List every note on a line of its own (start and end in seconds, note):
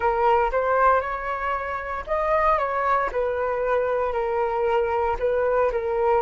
0.00 0.50 A#4
0.51 1.01 C5
1.01 2.04 C#5
2.06 2.58 D#5
2.58 3.10 C#5
3.11 4.12 B4
4.12 5.16 A#4
5.19 5.71 B4
5.72 6.21 A#4